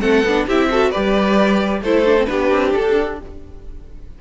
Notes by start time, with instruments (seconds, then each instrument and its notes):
0.00 cello A3, viola C4, violin A4 F#5
0.23 cello B3, viola D4
0.46 cello C4, viola E4, violin G4 E5
0.70 viola F#4, violin A4
0.90 cello G3, viola G4, violin B4 D5
1.81 cello A3, viola E4, violin A4 C5
2.06 viola D4
2.18 viola C4
2.25 cello B3, viola D4, violin G4 B4
2.51 cello C4
2.73 cello D4, violin A4